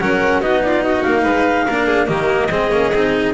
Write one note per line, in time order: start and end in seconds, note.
0.00 0.41 F#3
0.00 0.42 C#4
0.00 0.42 A#4
0.00 0.42 F#5
0.41 1.04 B3
0.41 1.68 D#4
0.41 0.62 F#4
0.41 0.63 D#5
0.63 0.84 F4
0.63 0.83 D5
0.83 1.23 F#4
0.83 1.03 D#5
1.03 1.25 A#3
1.03 2.08 F5
1.23 1.67 G#3
1.23 1.65 B4
1.67 2.10 A#3
1.67 2.07 D4
1.67 1.87 A#4
1.87 2.08 G#4
2.07 2.51 D#3
2.07 2.49 A#3
2.07 2.51 G4
2.07 3.33 D#5
2.51 2.71 G#3
2.51 2.72 C4
2.51 3.35 G#4
2.71 2.92 A#3
2.71 2.93 C#4
2.94 3.35 C4
2.94 3.35 D#4